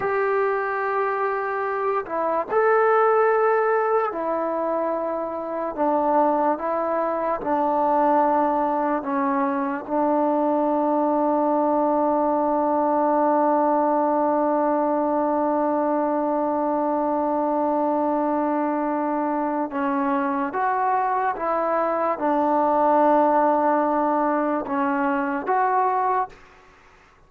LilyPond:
\new Staff \with { instrumentName = "trombone" } { \time 4/4 \tempo 4 = 73 g'2~ g'8 e'8 a'4~ | a'4 e'2 d'4 | e'4 d'2 cis'4 | d'1~ |
d'1~ | d'1 | cis'4 fis'4 e'4 d'4~ | d'2 cis'4 fis'4 | }